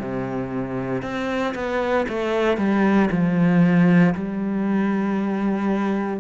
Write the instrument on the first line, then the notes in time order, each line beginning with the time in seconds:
cello
0.00 C3
1.03 C4
1.55 B3
2.09 A3
2.58 G3
3.11 F3
4.15 G3